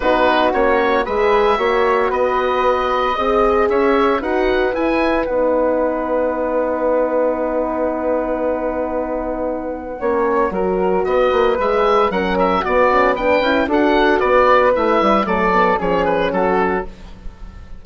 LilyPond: <<
  \new Staff \with { instrumentName = "oboe" } { \time 4/4 \tempo 4 = 114 b'4 cis''4 e''2 | dis''2. e''4 | fis''4 gis''4 fis''2~ | fis''1~ |
fis''1~ | fis''4 dis''4 e''4 fis''8 e''8 | d''4 g''4 fis''4 d''4 | e''4 d''4 cis''8 b'8 a'4 | }
  \new Staff \with { instrumentName = "flute" } { \time 4/4 fis'2 b'4 cis''4 | b'2 dis''4 cis''4 | b'1~ | b'1~ |
b'2. cis''4 | ais'4 b'2 ais'4 | fis'4 b'4 a'4 b'4~ | b'4 a'4 gis'4 fis'4 | }
  \new Staff \with { instrumentName = "horn" } { \time 4/4 dis'4 cis'4 gis'4 fis'4~ | fis'2 gis'2 | fis'4 e'4 dis'2~ | dis'1~ |
dis'2. cis'4 | fis'2 gis'4 cis'4 | b8 cis'8 d'8 e'8 fis'2 | e'4 a8 b8 cis'2 | }
  \new Staff \with { instrumentName = "bassoon" } { \time 4/4 b4 ais4 gis4 ais4 | b2 c'4 cis'4 | dis'4 e'4 b2~ | b1~ |
b2. ais4 | fis4 b8 ais8 gis4 fis4 | b4. cis'8 d'4 b4 | a8 g8 fis4 f4 fis4 | }
>>